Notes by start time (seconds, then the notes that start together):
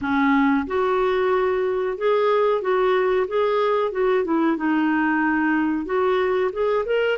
0.01 C#4
0.67 F#4
1.97 G#4
2.61 F#4
3.27 G#4
3.91 F#4
4.24 E4
4.56 D#4
5.85 F#4
6.52 G#4
6.85 A#4